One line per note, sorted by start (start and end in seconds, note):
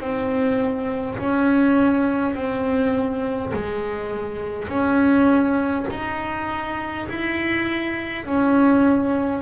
0.00 1.18 C4
1.18 2.35 C#4
2.35 3.52 C4
3.53 4.68 G#3
4.68 5.86 C#4
5.90 7.07 D#4
7.09 8.25 E4
8.25 9.41 C#4